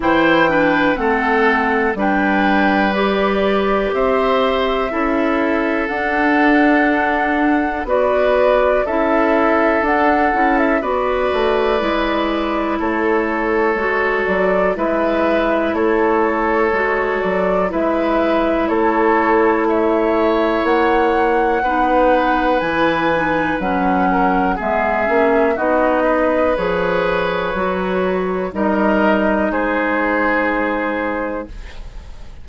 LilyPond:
<<
  \new Staff \with { instrumentName = "flute" } { \time 4/4 \tempo 4 = 61 g''4 fis''4 g''4 d''4 | e''2 fis''2 | d''4 e''4 fis''8. e''16 d''4~ | d''4 cis''4. d''8 e''4 |
cis''4. d''8 e''4 cis''4 | e''4 fis''2 gis''4 | fis''4 e''4 dis''4 cis''4~ | cis''4 dis''4 c''2 | }
  \new Staff \with { instrumentName = "oboe" } { \time 4/4 c''8 b'8 a'4 b'2 | c''4 a'2. | b'4 a'2 b'4~ | b'4 a'2 b'4 |
a'2 b'4 a'4 | cis''2 b'2~ | b'8 ais'8 gis'4 fis'8 b'4.~ | b'4 ais'4 gis'2 | }
  \new Staff \with { instrumentName = "clarinet" } { \time 4/4 e'8 d'8 c'4 d'4 g'4~ | g'4 e'4 d'2 | fis'4 e'4 d'8 e'8 fis'4 | e'2 fis'4 e'4~ |
e'4 fis'4 e'2~ | e'2 dis'4 e'8 dis'8 | cis'4 b8 cis'8 dis'4 gis'4 | fis'4 dis'2. | }
  \new Staff \with { instrumentName = "bassoon" } { \time 4/4 e4 a4 g2 | c'4 cis'4 d'2 | b4 cis'4 d'8 cis'8 b8 a8 | gis4 a4 gis8 fis8 gis4 |
a4 gis8 fis8 gis4 a4~ | a4 ais4 b4 e4 | fis4 gis8 ais8 b4 f4 | fis4 g4 gis2 | }
>>